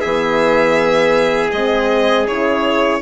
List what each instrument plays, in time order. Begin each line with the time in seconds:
0.00 bassoon E3, horn B3, trumpet G#4, violin E5
1.51 bassoon G#3, horn C4, violin D#5
2.27 bassoon C#3, horn E4, violin C#5